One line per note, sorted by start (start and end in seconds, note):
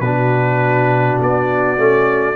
0.00 1.18 B2
0.00 1.77 D4
0.00 2.35 F#4
0.00 1.18 B4
1.19 1.77 B3
1.19 2.35 D5
1.77 2.35 A3
1.77 2.35 C#4